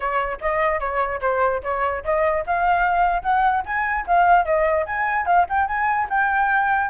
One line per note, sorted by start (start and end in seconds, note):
0.00 0.39 C#5
0.40 0.80 D#5
0.80 1.20 C#5
1.21 1.61 C5
1.63 2.03 C#5
2.04 2.44 D#5
2.46 3.22 F5
3.22 3.63 F#5
3.65 4.06 G#5
4.07 4.45 F5
4.45 4.85 D#5
4.85 5.26 G#5
5.26 5.46 F5
5.49 5.67 G5
5.67 6.08 G#5
6.09 6.90 G5